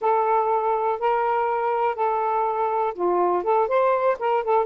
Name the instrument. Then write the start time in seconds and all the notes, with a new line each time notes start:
saxophone
0.01 A4
0.99 A#4
1.95 A4
2.94 F4
3.43 A4
3.68 C5
4.19 A#4
4.44 A4